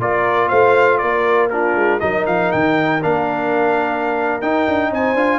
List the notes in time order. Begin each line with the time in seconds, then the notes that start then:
0.00 A#3 F4 A#4 D5
0.49 A3 C5 F5
0.98 A#3 A#4 D5
1.50 D4 F4 A#4
1.76 G#3
2.00 F#3 D#4 A#4 D#5
2.27 F3 F5
2.52 D#3 G5
3.03 A#3 D4 F5
4.42 D#4 G5
4.68 D4
4.91 C4 C5 G#5
5.15 D4 F4